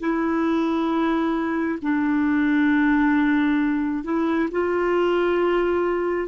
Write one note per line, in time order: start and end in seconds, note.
0.00 1.79 E4
1.82 4.04 D4
4.04 4.49 E4
4.51 6.28 F4